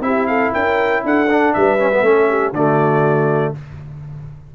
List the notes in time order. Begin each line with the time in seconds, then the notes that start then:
0.00 C4 E4 G4 E5
0.27 A4 F5
0.53 C#4 A#4 G5
1.04 D4 A4 F#5
1.30 D4
1.53 G3 B4 E5
1.79 C#4
1.93 B3
2.02 A3 C#4 A4
2.28 G4
2.51 D3 A3 F#4 D5